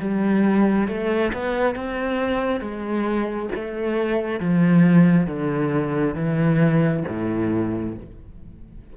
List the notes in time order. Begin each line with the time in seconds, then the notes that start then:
0.00 G3
0.88 A3
1.34 B3
1.76 C4
2.61 G#3
3.55 A3
4.40 F3
5.27 D3
6.16 E3
7.09 A2